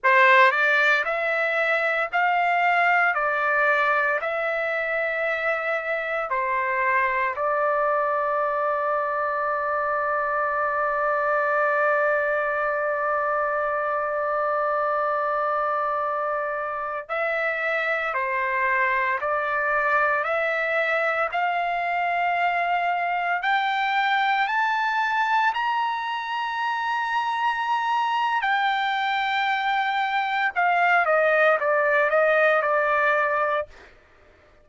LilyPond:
\new Staff \with { instrumentName = "trumpet" } { \time 4/4 \tempo 4 = 57 c''8 d''8 e''4 f''4 d''4 | e''2 c''4 d''4~ | d''1~ | d''1~ |
d''16 e''4 c''4 d''4 e''8.~ | e''16 f''2 g''4 a''8.~ | a''16 ais''2~ ais''8. g''4~ | g''4 f''8 dis''8 d''8 dis''8 d''4 | }